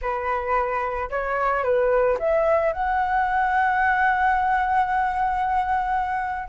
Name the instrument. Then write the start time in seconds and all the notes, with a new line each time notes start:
flute
0.01 B4
1.10 C#5
1.63 B4
2.19 E5
2.72 F#5